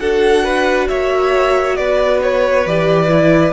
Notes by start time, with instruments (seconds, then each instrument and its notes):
0.00 cello D4, viola F#4, violin A4 F#5
0.44 violin B4
0.89 cello A#3, violin C#5 E5
1.76 cello B3, violin B4 D5
2.23 violin C#5
2.66 cello E3, viola G4, violin D5
3.08 viola E4